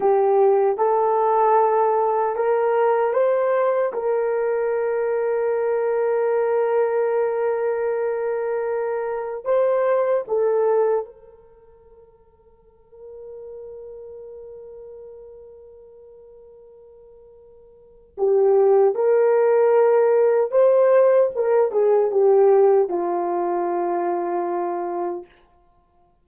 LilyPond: \new Staff \with { instrumentName = "horn" } { \time 4/4 \tempo 4 = 76 g'4 a'2 ais'4 | c''4 ais'2.~ | ais'1 | c''4 a'4 ais'2~ |
ais'1~ | ais'2. g'4 | ais'2 c''4 ais'8 gis'8 | g'4 f'2. | }